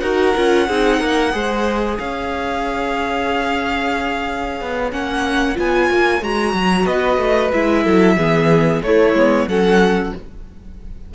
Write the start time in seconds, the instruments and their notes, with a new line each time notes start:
0.00 cello D#4, viola F#4, violin A#4 F#5
0.36 cello C#4, viola F4
0.68 cello C4, viola D#4, violin G#4
1.00 cello A#3, violin A#4
1.32 cello G#3, viola G#4, violin C5
1.99 cello C#4, violin C#5 F5
4.61 cello B3
4.91 cello A#3, viola C#4, violin F#5
5.55 cello B3, viola F4, violin G#5
5.90 cello A#3
6.22 cello G#3, viola F#4, violin A#5
6.54 cello F#3
6.86 cello B3, violin B4 D#5
7.18 cello A3
7.52 cello G#3, viola E4, violin E5
7.84 cello F#3, violin A4
8.17 cello E3, viola B3, violin G#4
8.82 cello A3, viola A3, violin E4 C#5
9.14 cello G#3, viola B3
9.47 cello F#3, viola C#4, violin A4 F#5